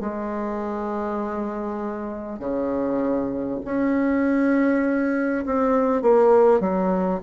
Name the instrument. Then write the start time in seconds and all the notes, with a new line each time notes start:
bassoon
0.00 G#3
2.39 C#3
3.65 C#4
5.46 C4
6.03 A#3
6.61 F#3